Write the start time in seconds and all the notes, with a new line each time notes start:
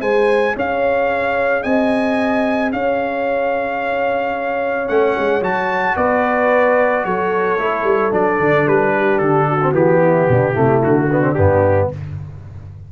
0.00 G#3 G#4 C5 G#5
0.56 C#4 C#5 F5
1.63 C4 D#5 G#5
2.72 C#4 C#5 F5
4.87 A3 C#4 F#5
5.18 G#3
5.41 F#3 F#4 A5
5.96 B3 B4 D5
7.05 F#3 A4 C#5
7.58 A3 E4
7.84 G3
8.11 F#3 D4 D5
8.39 D3
8.67 G3 B4
8.96 G4
9.18 D3 A4
9.47 F#4
9.62 C4
9.73 E3 B3 G4
10.03 E4
10.29 B2 D4
10.53 C3 A3 E4
10.83 D3 F#4
11.11 B3 D4
11.22 C4
11.34 G2 B3 G4